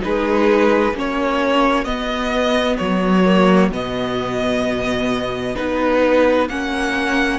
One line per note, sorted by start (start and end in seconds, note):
0.00 0.93 G#3
0.00 0.92 D#4
0.00 0.98 G#4
0.00 0.96 B4
0.93 1.85 A#3
0.93 1.86 C#4
0.93 7.39 F#4
0.93 1.85 C#5
1.85 2.77 B3
1.85 3.25 B3
1.85 2.77 D#5
2.77 3.71 F#3
2.77 3.70 C#5
3.25 3.72 A#3
3.71 5.56 B2
3.71 5.56 B3
3.71 5.56 D#5
5.56 6.50 B3
5.56 6.48 D#4
5.56 6.48 B4
6.49 7.39 A#3
6.49 7.39 C#4
6.49 7.39 F#5